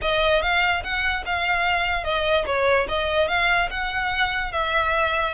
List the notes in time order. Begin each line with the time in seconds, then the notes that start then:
0.01 D#5
0.42 F5
0.83 F#5
1.25 F5
2.04 D#5
2.46 C#5
2.88 D#5
3.28 F5
3.70 F#5
4.52 E5